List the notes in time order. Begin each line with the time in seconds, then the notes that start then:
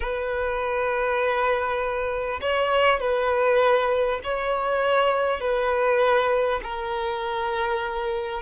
0.00 B4
2.41 C#5
3.00 B4
4.23 C#5
5.40 B4
6.63 A#4